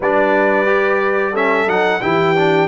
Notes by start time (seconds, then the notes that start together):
0.00 G3 D4 B4 D5
0.66 G4
1.32 C#4 A4 E5
1.66 F#3 D#4 F#5
2.01 E3 E4 G4 G5
2.35 D4